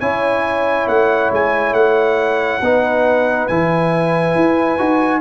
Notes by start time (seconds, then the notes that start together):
0.00 C#4 E4 C#5 G#5
0.87 A3 F#5
1.32 G#3 G#5
1.72 A3 F#5
2.61 B3 D#4 B4
3.48 E3 E4 G#5
4.35 E4
4.78 D#4 F#4